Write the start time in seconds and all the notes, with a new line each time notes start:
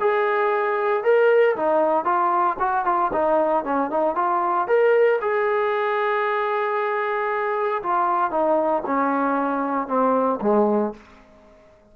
0.00 G#4
1.04 A#4
1.57 D#4
2.05 F4
2.60 F#4
2.86 F4
3.13 D#4
3.65 C#4
3.91 D#4
4.15 F4
4.68 A#4
5.22 G#4
7.83 F4
8.31 D#4
8.86 C#4
9.88 C4
10.42 G#3